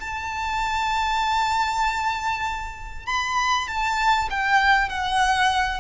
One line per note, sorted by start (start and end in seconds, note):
0.00 3.06 A5
3.07 3.68 B5
3.68 4.29 A5
4.30 4.89 G5
4.89 5.81 F#5